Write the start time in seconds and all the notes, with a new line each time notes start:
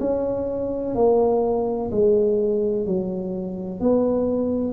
0.00 C#4
0.95 A#3
1.91 G#3
2.87 F#3
3.81 B3